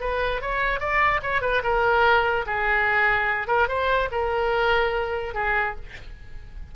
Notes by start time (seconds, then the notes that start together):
0.00 B4
0.41 C#5
0.79 D5
1.22 C#5
1.41 B4
1.63 A#4
2.46 G#4
3.47 A#4
3.68 C5
4.11 A#4
5.34 G#4